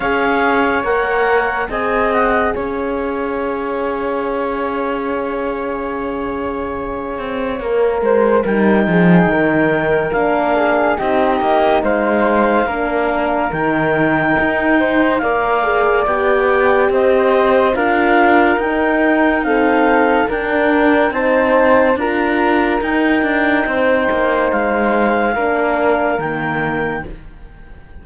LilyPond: <<
  \new Staff \with { instrumentName = "clarinet" } { \time 4/4 \tempo 4 = 71 f''4 fis''4 gis''8 fis''8 f''4~ | f''1~ | f''2 g''2 | f''4 dis''4 f''2 |
g''2 f''4 g''4 | dis''4 f''4 g''4 f''4 | g''4 a''4 ais''4 g''4~ | g''4 f''2 g''4 | }
  \new Staff \with { instrumentName = "flute" } { \time 4/4 cis''2 dis''4 cis''4~ | cis''1~ | cis''4. c''8 ais'8 gis'8 ais'4~ | ais'8 gis'8 g'4 c''4 ais'4~ |
ais'4. c''8 d''2 | c''4 ais'2 a'4 | ais'4 c''4 ais'2 | c''2 ais'2 | }
  \new Staff \with { instrumentName = "horn" } { \time 4/4 gis'4 ais'4 gis'2~ | gis'1~ | gis'4 ais'4 dis'2 | d'4 dis'2 d'4 |
dis'2 ais'8 gis'8 g'4~ | g'4 f'4 dis'4 c'4 | d'4 dis'4 f'4 dis'4~ | dis'2 d'4 ais4 | }
  \new Staff \with { instrumentName = "cello" } { \time 4/4 cis'4 ais4 c'4 cis'4~ | cis'1~ | cis'8 c'8 ais8 gis8 g8 f8 dis4 | ais4 c'8 ais8 gis4 ais4 |
dis4 dis'4 ais4 b4 | c'4 d'4 dis'2 | d'4 c'4 d'4 dis'8 d'8 | c'8 ais8 gis4 ais4 dis4 | }
>>